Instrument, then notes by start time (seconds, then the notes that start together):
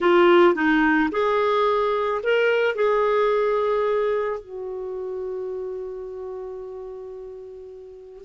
clarinet
0.00 F4
0.54 D#4
1.11 G#4
2.23 A#4
2.75 G#4
4.40 F#4